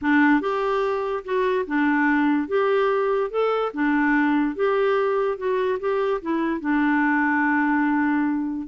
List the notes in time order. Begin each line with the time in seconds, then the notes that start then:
0.01 D4
0.40 G4
1.24 F#4
1.66 D4
2.48 G4
3.30 A4
3.73 D4
4.55 G4
5.37 F#4
5.79 G4
6.21 E4
6.60 D4